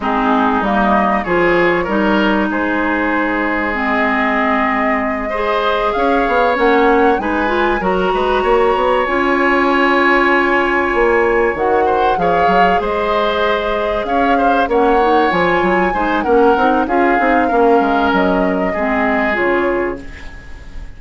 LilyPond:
<<
  \new Staff \with { instrumentName = "flute" } { \time 4/4 \tempo 4 = 96 gis'4 dis''4 cis''2 | c''2 dis''2~ | dis''4. f''4 fis''4 gis''8~ | gis''8 ais''2 gis''4.~ |
gis''2~ gis''8 fis''4 f''8~ | f''8 dis''2 f''4 fis''8~ | fis''8 gis''4. fis''4 f''4~ | f''4 dis''2 cis''4 | }
  \new Staff \with { instrumentName = "oboe" } { \time 4/4 dis'2 gis'4 ais'4 | gis'1~ | gis'8 c''4 cis''2 b'8~ | b'8 ais'8 b'8 cis''2~ cis''8~ |
cis''2. c''8 cis''8~ | cis''8 c''2 cis''8 c''8 cis''8~ | cis''4. c''8 ais'4 gis'4 | ais'2 gis'2 | }
  \new Staff \with { instrumentName = "clarinet" } { \time 4/4 c'4 ais4 f'4 dis'4~ | dis'2 c'2~ | c'8 gis'2 cis'4 dis'8 | f'8 fis'2 f'4.~ |
f'2~ f'8 fis'4 gis'8~ | gis'2.~ gis'8 cis'8 | dis'8 f'4 dis'8 cis'8 dis'8 f'8 dis'8 | cis'2 c'4 f'4 | }
  \new Staff \with { instrumentName = "bassoon" } { \time 4/4 gis4 g4 f4 g4 | gis1~ | gis4. cis'8 b8 ais4 gis8~ | gis8 fis8 gis8 ais8 b8 cis'4.~ |
cis'4. ais4 dis4 f8 | fis8 gis2 cis'4 ais8~ | ais8 f8 fis8 gis8 ais8 c'8 cis'8 c'8 | ais8 gis8 fis4 gis4 cis4 | }
>>